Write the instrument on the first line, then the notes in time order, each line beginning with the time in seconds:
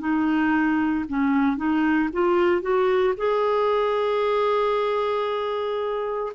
clarinet
0.00 D#4
1.09 C#4
1.57 D#4
2.13 F4
2.62 F#4
3.17 G#4